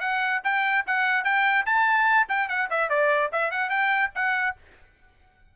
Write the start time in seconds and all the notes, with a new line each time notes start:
0.00 F#5
0.44 G5
0.86 F#5
1.24 G5
1.66 A5
2.28 G5
2.48 F#5
2.70 E5
2.89 D5
3.32 E5
3.51 F#5
3.70 G5
4.15 F#5